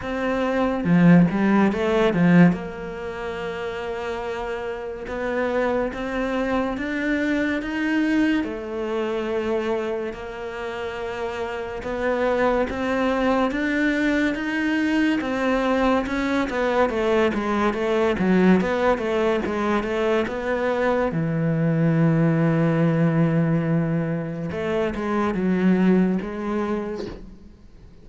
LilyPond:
\new Staff \with { instrumentName = "cello" } { \time 4/4 \tempo 4 = 71 c'4 f8 g8 a8 f8 ais4~ | ais2 b4 c'4 | d'4 dis'4 a2 | ais2 b4 c'4 |
d'4 dis'4 c'4 cis'8 b8 | a8 gis8 a8 fis8 b8 a8 gis8 a8 | b4 e2.~ | e4 a8 gis8 fis4 gis4 | }